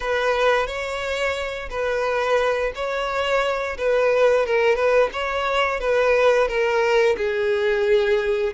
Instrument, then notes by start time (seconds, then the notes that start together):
violin
0.00 B4
0.66 C#5
1.70 B4
2.75 C#5
3.77 B4
4.46 A#4
4.75 B4
5.13 C#5
5.80 B4
6.47 A#4
7.17 G#4